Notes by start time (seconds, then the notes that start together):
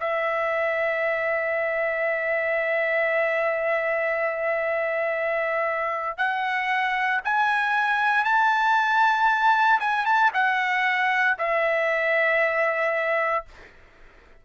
0.00 E5
6.17 F#5
7.24 G#5
8.24 A5
9.79 G#5
10.05 A5
10.34 F#5
11.38 E5